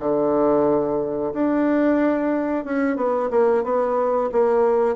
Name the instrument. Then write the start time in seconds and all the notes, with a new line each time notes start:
bassoon
0.00 D3
1.34 D4
2.65 C#4
2.97 B3
3.31 A#3
3.64 B3
4.32 A#3